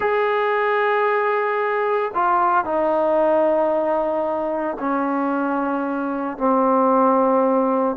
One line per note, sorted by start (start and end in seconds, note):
0.00 2.11 G#4
2.14 2.65 F4
2.65 4.77 D#4
4.79 6.37 C#4
6.37 7.96 C4